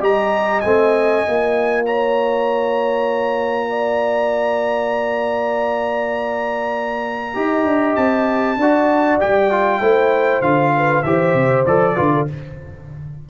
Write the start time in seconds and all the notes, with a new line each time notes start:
0.00 G3 G4 D#5 A#5
0.61 A3 C4 G#5
1.25 A#3 F4
1.85 C#5 A#5
3.70 D5
7.34 D#4 G4 D#5
7.64 D4
7.95 C4 A5
8.56 D4 F#4 D5
9.20 G3 G4 G5
9.51 F4
9.80 A3 E4 C5
10.41 D3 F4 F5
10.76 B4
11.02 E3 G4 C5 E5
11.34 C3
11.66 F3 A4 D5
11.95 D3 F4 B4
12.13 A4